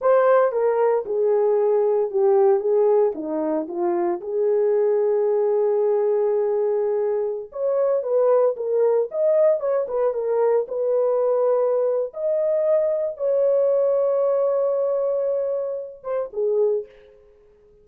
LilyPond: \new Staff \with { instrumentName = "horn" } { \time 4/4 \tempo 4 = 114 c''4 ais'4 gis'2 | g'4 gis'4 dis'4 f'4 | gis'1~ | gis'2~ gis'16 cis''4 b'8.~ |
b'16 ais'4 dis''4 cis''8 b'8 ais'8.~ | ais'16 b'2~ b'8. dis''4~ | dis''4 cis''2.~ | cis''2~ cis''8 c''8 gis'4 | }